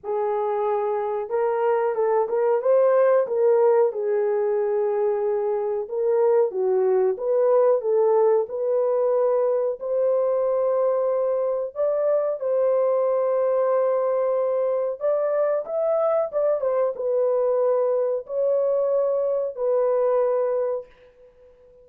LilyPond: \new Staff \with { instrumentName = "horn" } { \time 4/4 \tempo 4 = 92 gis'2 ais'4 a'8 ais'8 | c''4 ais'4 gis'2~ | gis'4 ais'4 fis'4 b'4 | a'4 b'2 c''4~ |
c''2 d''4 c''4~ | c''2. d''4 | e''4 d''8 c''8 b'2 | cis''2 b'2 | }